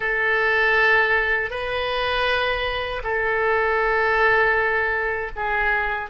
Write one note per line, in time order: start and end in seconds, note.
0.00 1.50 A4
1.50 3.02 B4
3.03 5.31 A4
5.35 6.09 G#4